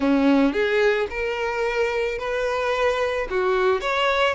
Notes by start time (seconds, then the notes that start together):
0.00 C#4
0.52 G#4
1.10 A#4
2.18 B4
3.30 F#4
3.81 C#5